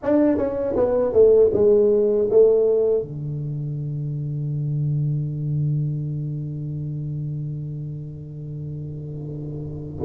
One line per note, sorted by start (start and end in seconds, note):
0.02 0.37 D4
0.37 0.75 C#4
0.76 1.12 B3
1.12 1.50 A3
1.53 2.29 G#3
2.30 3.02 A3
3.02 10.04 D3